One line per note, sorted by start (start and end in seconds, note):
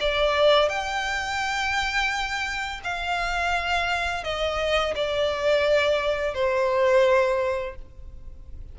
0.00 0.69 D5
0.69 2.80 G5
2.84 4.23 F5
4.23 4.94 D#5
4.95 6.34 D5
6.34 7.75 C5